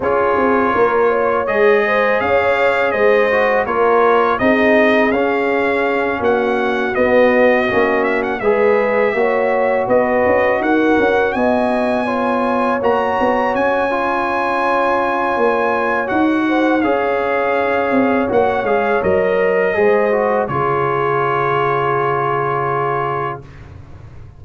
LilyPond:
<<
  \new Staff \with { instrumentName = "trumpet" } { \time 4/4 \tempo 4 = 82 cis''2 dis''4 f''4 | dis''4 cis''4 dis''4 f''4~ | f''8 fis''4 dis''4. e''16 fis''16 e''8~ | e''4. dis''4 fis''4 gis''8~ |
gis''4. ais''4 gis''4.~ | gis''2 fis''4 f''4~ | f''4 fis''8 f''8 dis''2 | cis''1 | }
  \new Staff \with { instrumentName = "horn" } { \time 4/4 gis'4 ais'8 cis''4 c''8 cis''4 | c''4 ais'4 gis'2~ | gis'8 fis'2. b'8~ | b'8 cis''4 b'4 ais'4 dis''8~ |
dis''8 cis''2.~ cis''8~ | cis''2~ cis''8 c''8 cis''4~ | cis''2. c''4 | gis'1 | }
  \new Staff \with { instrumentName = "trombone" } { \time 4/4 f'2 gis'2~ | gis'8 fis'8 f'4 dis'4 cis'4~ | cis'4. b4 cis'4 gis'8~ | gis'8 fis'2.~ fis'8~ |
fis'8 f'4 fis'4. f'4~ | f'2 fis'4 gis'4~ | gis'4 fis'8 gis'8 ais'4 gis'8 fis'8 | f'1 | }
  \new Staff \with { instrumentName = "tuba" } { \time 4/4 cis'8 c'8 ais4 gis4 cis'4 | gis4 ais4 c'4 cis'4~ | cis'8 ais4 b4 ais4 gis8~ | gis8 ais4 b8 cis'8 dis'8 cis'8 b8~ |
b4. ais8 b8 cis'4.~ | cis'4 ais4 dis'4 cis'4~ | cis'8 c'8 ais8 gis8 fis4 gis4 | cis1 | }
>>